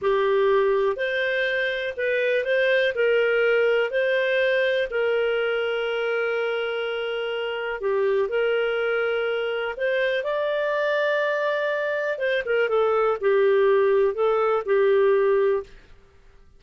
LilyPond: \new Staff \with { instrumentName = "clarinet" } { \time 4/4 \tempo 4 = 123 g'2 c''2 | b'4 c''4 ais'2 | c''2 ais'2~ | ais'1 |
g'4 ais'2. | c''4 d''2.~ | d''4 c''8 ais'8 a'4 g'4~ | g'4 a'4 g'2 | }